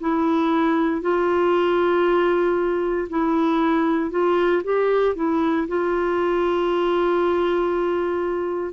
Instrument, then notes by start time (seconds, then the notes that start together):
clarinet
0.00 E4
1.01 F4
3.09 E4
4.11 F4
4.63 G4
5.15 E4
5.68 F4